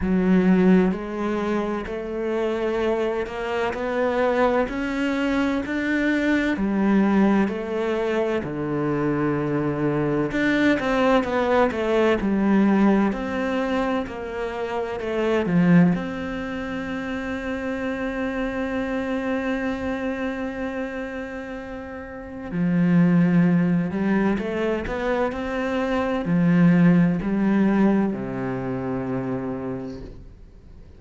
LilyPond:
\new Staff \with { instrumentName = "cello" } { \time 4/4 \tempo 4 = 64 fis4 gis4 a4. ais8 | b4 cis'4 d'4 g4 | a4 d2 d'8 c'8 | b8 a8 g4 c'4 ais4 |
a8 f8 c'2.~ | c'1 | f4. g8 a8 b8 c'4 | f4 g4 c2 | }